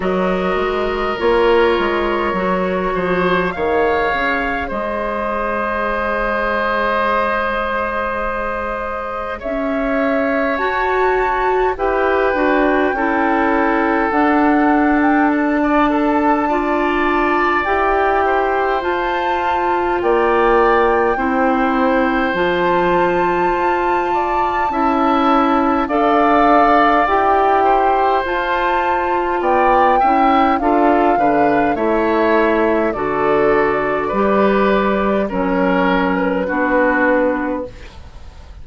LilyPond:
<<
  \new Staff \with { instrumentName = "flute" } { \time 4/4 \tempo 4 = 51 dis''4 cis''2 f''4 | dis''1 | e''4 a''4 g''2 | fis''8. g''16 a''2 g''4 |
a''4 g''2 a''4~ | a''2 f''4 g''4 | a''4 g''4 f''4 e''4 | d''2 cis''8. b'4~ b'16 | }
  \new Staff \with { instrumentName = "oboe" } { \time 4/4 ais'2~ ais'8 c''8 cis''4 | c''1 | cis''2 b'4 a'4~ | a'4~ a'16 d''16 a'8 d''4. c''8~ |
c''4 d''4 c''2~ | c''8 d''8 e''4 d''4. c''8~ | c''4 d''8 e''8 a'8 b'8 cis''4 | a'4 b'4 ais'4 fis'4 | }
  \new Staff \with { instrumentName = "clarinet" } { \time 4/4 fis'4 f'4 fis'4 gis'4~ | gis'1~ | gis'4 fis'4 g'8 fis'8 e'4 | d'2 f'4 g'4 |
f'2 e'4 f'4~ | f'4 e'4 a'4 g'4 | f'4. e'8 f'8 d'8 e'4 | fis'4 g'4 cis'4 d'4 | }
  \new Staff \with { instrumentName = "bassoon" } { \time 4/4 fis8 gis8 ais8 gis8 fis8 f8 dis8 cis8 | gis1 | cis'4 fis'4 e'8 d'8 cis'4 | d'2. e'4 |
f'4 ais4 c'4 f4 | f'4 cis'4 d'4 e'4 | f'4 b8 cis'8 d'8 d8 a4 | d4 g4 fis4 b4 | }
>>